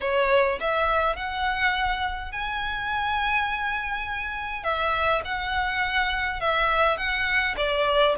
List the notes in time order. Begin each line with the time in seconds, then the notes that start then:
0.00 C#5
0.60 E5
1.15 F#5
2.31 G#5
4.63 E5
5.25 F#5
6.40 E5
6.97 F#5
7.56 D5